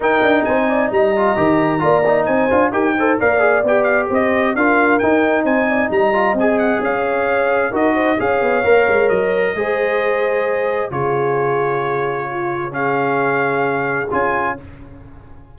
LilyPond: <<
  \new Staff \with { instrumentName = "trumpet" } { \time 4/4 \tempo 4 = 132 g''4 gis''4 ais''2~ | ais''4 gis''4 g''4 f''4 | g''8 f''8 dis''4 f''4 g''4 | gis''4 ais''4 gis''8 fis''8 f''4~ |
f''4 dis''4 f''2 | dis''1 | cis''1 | f''2. gis''4 | }
  \new Staff \with { instrumentName = "horn" } { \time 4/4 ais'4 c''8 d''8 dis''2 | d''4 c''4 ais'8 c''8 d''4~ | d''4 c''4 ais'2 | c''8 d''8 dis''2 cis''4~ |
cis''4 ais'8 c''8 cis''2~ | cis''4 c''2. | gis'2. f'4 | gis'1 | }
  \new Staff \with { instrumentName = "trombone" } { \time 4/4 dis'2~ dis'8 f'8 g'4 | f'8 dis'4 f'8 g'8 a'8 ais'8 gis'8 | g'2 f'4 dis'4~ | dis'4. f'8 gis'2~ |
gis'4 fis'4 gis'4 ais'4~ | ais'4 gis'2. | f'1 | cis'2. f'4 | }
  \new Staff \with { instrumentName = "tuba" } { \time 4/4 dis'8 d'8 c'4 g4 dis4 | ais4 c'8 d'8 dis'4 ais4 | b4 c'4 d'4 dis'4 | c'4 g4 c'4 cis'4~ |
cis'4 dis'4 cis'8 b8 ais8 gis8 | fis4 gis2. | cis1~ | cis2. cis'4 | }
>>